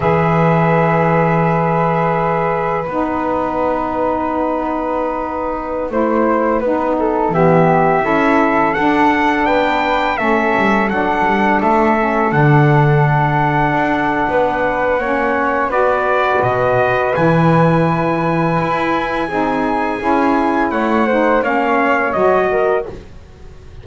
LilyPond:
<<
  \new Staff \with { instrumentName = "trumpet" } { \time 4/4 \tempo 4 = 84 e''1 | fis''1~ | fis''2~ fis''16 e''4.~ e''16~ | e''16 fis''4 g''4 e''4 fis''8.~ |
fis''16 e''4 fis''2~ fis''8.~ | fis''2 d''4 dis''4 | gis''1~ | gis''4 fis''4 f''4 dis''4 | }
  \new Staff \with { instrumentName = "flute" } { \time 4/4 b'1~ | b'1~ | b'16 c''4 b'8 a'8 g'4 a'8.~ | a'4~ a'16 b'4 a'4.~ a'16~ |
a'1 | b'4 cis''4 b'2~ | b'2. gis'4~ | gis'4 cis''8 c''8 cis''4. ais'8 | }
  \new Staff \with { instrumentName = "saxophone" } { \time 4/4 gis'1 | dis'1~ | dis'16 e'4 dis'4 b4 e'8.~ | e'16 d'2 cis'4 d'8.~ |
d'8. cis'8 d'2~ d'8.~ | d'4 cis'4 fis'2 | e'2. dis'4 | e'4. dis'8 cis'4 fis'4 | }
  \new Staff \with { instrumentName = "double bass" } { \time 4/4 e1 | b1~ | b16 a4 b4 e4 cis'8.~ | cis'16 d'4 b4 a8 g8 fis8 g16~ |
g16 a4 d2 d'8. | b4 ais4 b4 b,4 | e2 e'4 c'4 | cis'4 a4 ais4 fis4 | }
>>